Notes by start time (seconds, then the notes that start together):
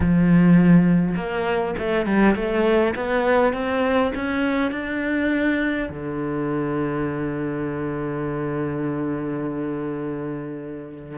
0.00 F3
1.16 A#3
1.78 A3
2.06 G3
2.35 A3
2.95 B3
3.53 C4
4.15 C#4
4.71 D4
5.89 D3